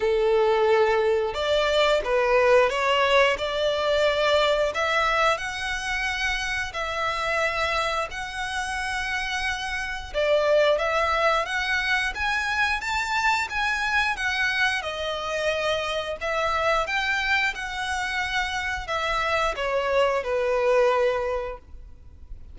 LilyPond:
\new Staff \with { instrumentName = "violin" } { \time 4/4 \tempo 4 = 89 a'2 d''4 b'4 | cis''4 d''2 e''4 | fis''2 e''2 | fis''2. d''4 |
e''4 fis''4 gis''4 a''4 | gis''4 fis''4 dis''2 | e''4 g''4 fis''2 | e''4 cis''4 b'2 | }